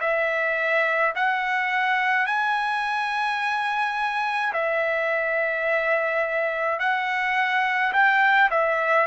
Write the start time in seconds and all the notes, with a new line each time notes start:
0.00 E5
1.15 F#5
2.26 G#5
4.53 E5
6.79 F#5
7.93 G5
8.51 E5